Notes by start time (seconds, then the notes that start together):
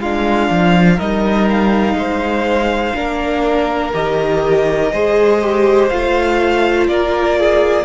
0.00 G#3 D4 F4 F5
0.50 F3
0.96 G3 D#4 A#4 D#5
1.50 F5
1.95 G#3 C5
2.94 A#3 D4 A#4
3.93 D#3 G4 D#5
4.92 G#3 G#4 C5
5.41 G4
5.89 A3 F4 F5
6.88 A#3 A#4 D5
7.39 G#4